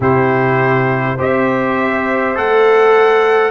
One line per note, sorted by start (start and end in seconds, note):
0.00 1.17 C3
0.00 1.18 E4
0.00 1.16 G4
0.00 1.20 C5
1.16 2.36 C4
1.16 2.35 G4
1.16 3.50 C5
1.16 2.37 E5
2.35 3.50 A3
2.35 3.50 A4
2.35 3.50 F#5